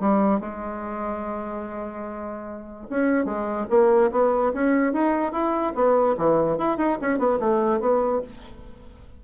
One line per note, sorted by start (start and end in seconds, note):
0.00 0.40 G3
0.40 2.87 G#3
2.90 3.25 C#4
3.25 3.66 G#3
3.69 4.11 A#3
4.11 4.52 B3
4.53 4.93 C#4
4.93 5.32 D#4
5.32 5.73 E4
5.75 6.16 B3
6.17 6.57 E3
6.57 6.77 E4
6.77 6.98 D#4
7.01 7.18 C#4
7.18 7.39 B3
7.39 7.80 A3
7.80 8.21 B3